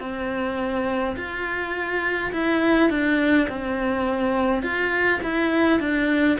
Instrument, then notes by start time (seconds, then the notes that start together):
cello
0.00 C4
1.16 F4
2.32 E4
2.90 D4
3.49 C4
4.62 F4
5.23 E4
5.80 D4